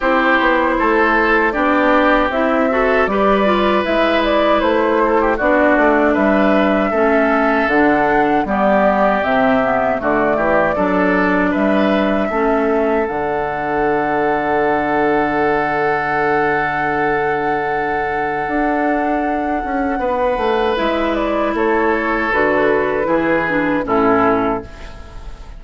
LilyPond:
<<
  \new Staff \with { instrumentName = "flute" } { \time 4/4 \tempo 4 = 78 c''2 d''4 e''4 | d''4 e''8 d''8 c''4 d''4 | e''2 fis''4 d''4 | e''4 d''2 e''4~ |
e''4 fis''2.~ | fis''1~ | fis''2. e''8 d''8 | cis''4 b'2 a'4 | }
  \new Staff \with { instrumentName = "oboe" } { \time 4/4 g'4 a'4 g'4. a'8 | b'2~ b'8 a'16 g'16 fis'4 | b'4 a'2 g'4~ | g'4 fis'8 g'8 a'4 b'4 |
a'1~ | a'1~ | a'2 b'2 | a'2 gis'4 e'4 | }
  \new Staff \with { instrumentName = "clarinet" } { \time 4/4 e'2 d'4 e'8 fis'8 | g'8 f'8 e'2 d'4~ | d'4 cis'4 d'4 b4 | c'8 b8 a4 d'2 |
cis'4 d'2.~ | d'1~ | d'2. e'4~ | e'4 fis'4 e'8 d'8 cis'4 | }
  \new Staff \with { instrumentName = "bassoon" } { \time 4/4 c'8 b8 a4 b4 c'4 | g4 gis4 a4 b8 a8 | g4 a4 d4 g4 | c4 d8 e8 fis4 g4 |
a4 d2.~ | d1 | d'4. cis'8 b8 a8 gis4 | a4 d4 e4 a,4 | }
>>